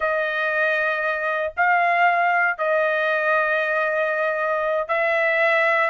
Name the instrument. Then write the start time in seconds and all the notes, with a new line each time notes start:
trumpet
0.00 D#5
1.56 F5
2.58 D#5
4.88 E5